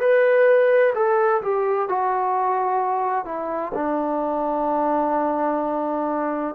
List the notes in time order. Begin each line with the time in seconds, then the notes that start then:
0.00 B4
0.95 A4
1.42 G4
1.89 F#4
3.26 E4
3.75 D4